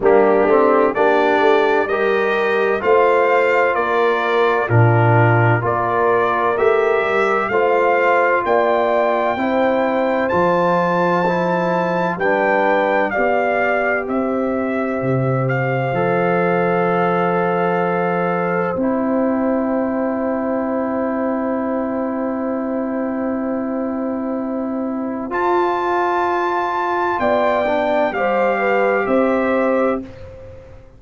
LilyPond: <<
  \new Staff \with { instrumentName = "trumpet" } { \time 4/4 \tempo 4 = 64 g'4 d''4 dis''4 f''4 | d''4 ais'4 d''4 e''4 | f''4 g''2 a''4~ | a''4 g''4 f''4 e''4~ |
e''8 f''2.~ f''8 | g''1~ | g''2. a''4~ | a''4 g''4 f''4 e''4 | }
  \new Staff \with { instrumentName = "horn" } { \time 4/4 d'4 g'4 ais'4 c''4 | ais'4 f'4 ais'2 | c''4 d''4 c''2~ | c''4 b'4 d''4 c''4~ |
c''1~ | c''1~ | c''1~ | c''4 d''4 c''8 b'8 c''4 | }
  \new Staff \with { instrumentName = "trombone" } { \time 4/4 ais8 c'8 d'4 g'4 f'4~ | f'4 d'4 f'4 g'4 | f'2 e'4 f'4 | e'4 d'4 g'2~ |
g'4 a'2. | e'1~ | e'2. f'4~ | f'4. d'8 g'2 | }
  \new Staff \with { instrumentName = "tuba" } { \time 4/4 g8 a8 ais8 a8 g4 a4 | ais4 ais,4 ais4 a8 g8 | a4 ais4 c'4 f4~ | f4 g4 b4 c'4 |
c4 f2. | c'1~ | c'2. f'4~ | f'4 b4 g4 c'4 | }
>>